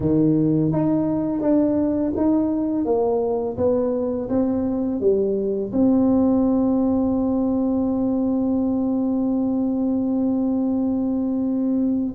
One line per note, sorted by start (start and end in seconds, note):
0.00 0.71 D#3
0.72 1.41 D#4
1.41 2.12 D4
2.16 2.85 D#4
2.85 3.56 A#3
3.57 4.29 B3
4.29 5.00 C4
5.00 5.71 G3
5.72 12.15 C4